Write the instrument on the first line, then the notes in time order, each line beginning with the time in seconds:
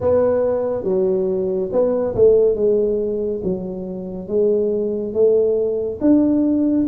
tuba
0.00 B3
0.83 F#3
1.71 B3
2.15 A3
2.55 G#3
3.43 F#3
4.28 G#3
5.13 A3
6.00 D4